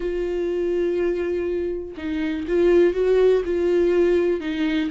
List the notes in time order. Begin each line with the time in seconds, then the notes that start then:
0.00 F4
1.97 D#4
2.47 F4
2.93 F#4
3.45 F4
4.40 D#4